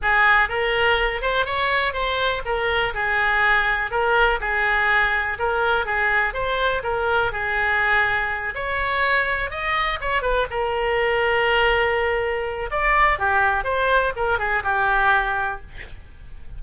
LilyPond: \new Staff \with { instrumentName = "oboe" } { \time 4/4 \tempo 4 = 123 gis'4 ais'4. c''8 cis''4 | c''4 ais'4 gis'2 | ais'4 gis'2 ais'4 | gis'4 c''4 ais'4 gis'4~ |
gis'4. cis''2 dis''8~ | dis''8 cis''8 b'8 ais'2~ ais'8~ | ais'2 d''4 g'4 | c''4 ais'8 gis'8 g'2 | }